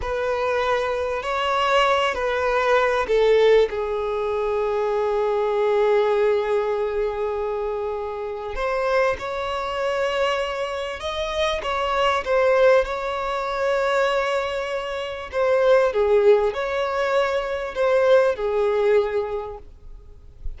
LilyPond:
\new Staff \with { instrumentName = "violin" } { \time 4/4 \tempo 4 = 98 b'2 cis''4. b'8~ | b'4 a'4 gis'2~ | gis'1~ | gis'2 c''4 cis''4~ |
cis''2 dis''4 cis''4 | c''4 cis''2.~ | cis''4 c''4 gis'4 cis''4~ | cis''4 c''4 gis'2 | }